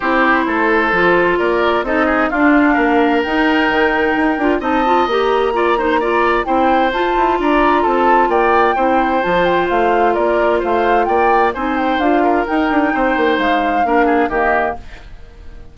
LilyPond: <<
  \new Staff \with { instrumentName = "flute" } { \time 4/4 \tempo 4 = 130 c''2. d''4 | dis''4 f''2 g''4~ | g''2 a''4 ais''4~ | ais''2 g''4 a''4 |
ais''4 a''4 g''2 | a''8 g''8 f''4 d''4 f''4 | g''4 gis''8 g''8 f''4 g''4~ | g''4 f''2 dis''4 | }
  \new Staff \with { instrumentName = "oboe" } { \time 4/4 g'4 a'2 ais'4 | a'8 gis'8 f'4 ais'2~ | ais'2 dis''2 | d''8 c''8 d''4 c''2 |
d''4 a'4 d''4 c''4~ | c''2 ais'4 c''4 | d''4 c''4. ais'4. | c''2 ais'8 gis'8 g'4 | }
  \new Staff \with { instrumentName = "clarinet" } { \time 4/4 e'2 f'2 | dis'4 d'2 dis'4~ | dis'4. f'8 dis'8 f'8 g'4 | f'8 dis'8 f'4 e'4 f'4~ |
f'2. e'4 | f'1~ | f'4 dis'4 f'4 dis'4~ | dis'2 d'4 ais4 | }
  \new Staff \with { instrumentName = "bassoon" } { \time 4/4 c'4 a4 f4 ais4 | c'4 d'4 ais4 dis'4 | dis4 dis'8 d'8 c'4 ais4~ | ais2 c'4 f'8 e'8 |
d'4 c'4 ais4 c'4 | f4 a4 ais4 a4 | ais4 c'4 d'4 dis'8 d'8 | c'8 ais8 gis4 ais4 dis4 | }
>>